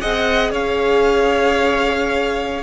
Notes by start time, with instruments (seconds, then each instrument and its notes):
0.00 cello C4, viola G#4, violin D#5 F#5
0.51 cello C#4, violin C#5 F5